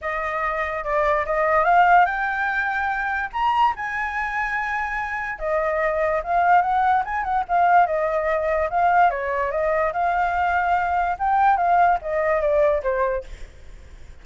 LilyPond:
\new Staff \with { instrumentName = "flute" } { \time 4/4 \tempo 4 = 145 dis''2 d''4 dis''4 | f''4 g''2. | ais''4 gis''2.~ | gis''4 dis''2 f''4 |
fis''4 gis''8 fis''8 f''4 dis''4~ | dis''4 f''4 cis''4 dis''4 | f''2. g''4 | f''4 dis''4 d''4 c''4 | }